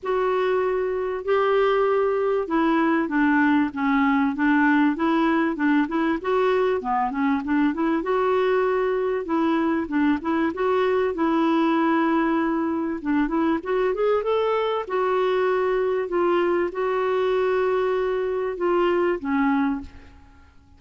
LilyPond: \new Staff \with { instrumentName = "clarinet" } { \time 4/4 \tempo 4 = 97 fis'2 g'2 | e'4 d'4 cis'4 d'4 | e'4 d'8 e'8 fis'4 b8 cis'8 | d'8 e'8 fis'2 e'4 |
d'8 e'8 fis'4 e'2~ | e'4 d'8 e'8 fis'8 gis'8 a'4 | fis'2 f'4 fis'4~ | fis'2 f'4 cis'4 | }